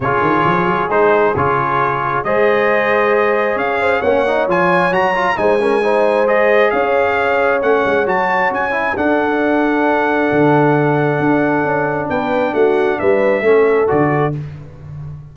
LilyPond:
<<
  \new Staff \with { instrumentName = "trumpet" } { \time 4/4 \tempo 4 = 134 cis''2 c''4 cis''4~ | cis''4 dis''2. | f''4 fis''4 gis''4 ais''4 | gis''2 dis''4 f''4~ |
f''4 fis''4 a''4 gis''4 | fis''1~ | fis''2. g''4 | fis''4 e''2 d''4 | }
  \new Staff \with { instrumentName = "horn" } { \time 4/4 gis'1~ | gis'4 c''2. | cis''8 c''8 cis''2. | c''8 ais'8 c''2 cis''4~ |
cis''1 | a'1~ | a'2. b'4 | fis'4 b'4 a'2 | }
  \new Staff \with { instrumentName = "trombone" } { \time 4/4 f'2 dis'4 f'4~ | f'4 gis'2.~ | gis'4 cis'8 dis'8 f'4 fis'8 f'8 | dis'8 cis'8 dis'4 gis'2~ |
gis'4 cis'4 fis'4. e'8 | d'1~ | d'1~ | d'2 cis'4 fis'4 | }
  \new Staff \with { instrumentName = "tuba" } { \time 4/4 cis8 dis8 f8 fis8 gis4 cis4~ | cis4 gis2. | cis'4 ais4 f4 fis4 | gis2. cis'4~ |
cis'4 a8 gis8 fis4 cis'4 | d'2. d4~ | d4 d'4 cis'4 b4 | a4 g4 a4 d4 | }
>>